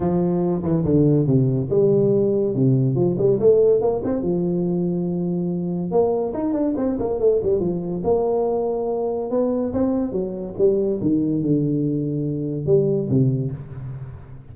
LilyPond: \new Staff \with { instrumentName = "tuba" } { \time 4/4 \tempo 4 = 142 f4. e8 d4 c4 | g2 c4 f8 g8 | a4 ais8 c'8 f2~ | f2 ais4 dis'8 d'8 |
c'8 ais8 a8 g8 f4 ais4~ | ais2 b4 c'4 | fis4 g4 dis4 d4~ | d2 g4 c4 | }